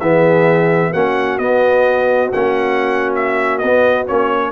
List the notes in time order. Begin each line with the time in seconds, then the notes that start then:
0.00 E3 B3 G#4 E5
0.92 A#3 C#4 F#4 F#5
1.38 B3 D#5
2.32 A#3 C#4 F#5
3.15 E5
3.59 B3 D#5
3.65 B3
4.08 A#3 C#4 C#5